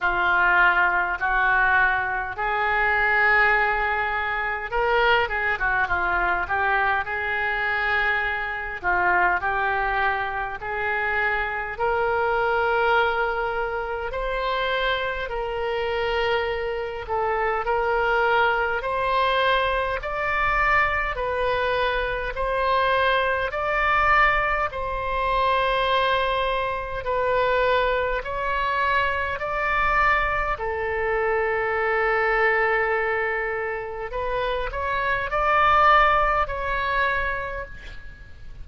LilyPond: \new Staff \with { instrumentName = "oboe" } { \time 4/4 \tempo 4 = 51 f'4 fis'4 gis'2 | ais'8 gis'16 fis'16 f'8 g'8 gis'4. f'8 | g'4 gis'4 ais'2 | c''4 ais'4. a'8 ais'4 |
c''4 d''4 b'4 c''4 | d''4 c''2 b'4 | cis''4 d''4 a'2~ | a'4 b'8 cis''8 d''4 cis''4 | }